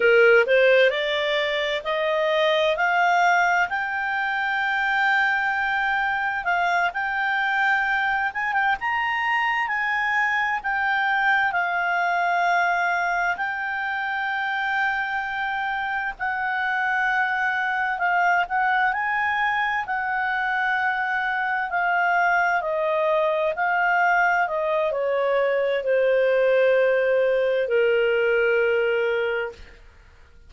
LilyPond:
\new Staff \with { instrumentName = "clarinet" } { \time 4/4 \tempo 4 = 65 ais'8 c''8 d''4 dis''4 f''4 | g''2. f''8 g''8~ | g''4 gis''16 g''16 ais''4 gis''4 g''8~ | g''8 f''2 g''4.~ |
g''4. fis''2 f''8 | fis''8 gis''4 fis''2 f''8~ | f''8 dis''4 f''4 dis''8 cis''4 | c''2 ais'2 | }